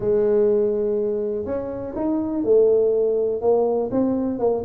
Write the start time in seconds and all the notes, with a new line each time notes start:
0.00 G#3
1.45 C#4
1.95 D#4
2.43 A3
3.41 A#3
3.91 C4
4.39 A#3